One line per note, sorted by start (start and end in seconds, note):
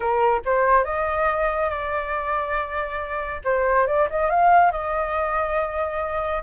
0.00 0.41 A#4
0.45 0.84 C5
0.84 1.69 D#5
1.69 3.41 D5
3.44 3.86 C5
3.86 4.08 D5
4.09 4.30 D#5
4.30 4.71 F5
4.71 6.42 D#5